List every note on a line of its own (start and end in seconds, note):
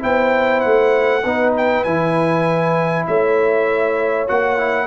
0.00 0.64 B3
0.00 1.21 E4
0.00 1.23 C5
0.00 0.60 G5
0.60 1.24 A3
0.60 1.51 F#5
1.23 1.85 B3
1.23 1.86 D#4
1.23 3.05 B4
1.57 1.83 G5
1.83 3.06 E3
1.83 4.27 E4
1.83 3.05 G#5
3.07 4.29 A3
3.07 4.86 C#5
3.07 4.28 E5
4.27 4.86 A#3
4.27 4.58 F#4
4.27 4.86 F#5
4.58 4.86 E4